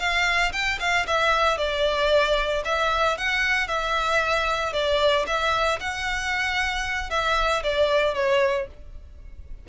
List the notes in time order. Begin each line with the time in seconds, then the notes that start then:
0.00 F5
0.53 G5
0.80 F5
1.07 E5
1.58 D5
2.66 E5
3.18 F#5
3.68 E5
4.73 D5
5.27 E5
5.81 F#5
7.11 E5
7.64 D5
8.15 C#5